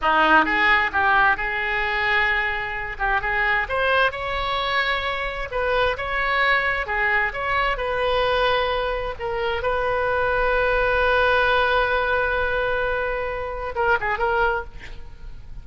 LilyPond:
\new Staff \with { instrumentName = "oboe" } { \time 4/4 \tempo 4 = 131 dis'4 gis'4 g'4 gis'4~ | gis'2~ gis'8 g'8 gis'4 | c''4 cis''2. | b'4 cis''2 gis'4 |
cis''4 b'2. | ais'4 b'2.~ | b'1~ | b'2 ais'8 gis'8 ais'4 | }